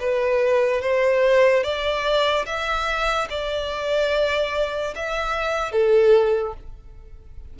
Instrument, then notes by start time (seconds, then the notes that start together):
violin
0.00 B4
0.82 C5
1.64 D5
2.46 E5
3.30 D5
4.96 E5
5.72 A4